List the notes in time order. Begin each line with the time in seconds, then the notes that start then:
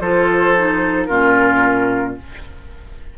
0.00 F3 F4 A4 C5
0.56 D#4
1.05 A#2 C#4 F4 A#4